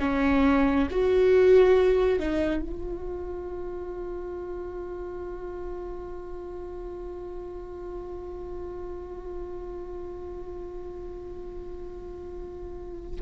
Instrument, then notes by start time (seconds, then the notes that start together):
viola
0.00 C#4
0.91 F#4
2.19 D#4
2.62 F4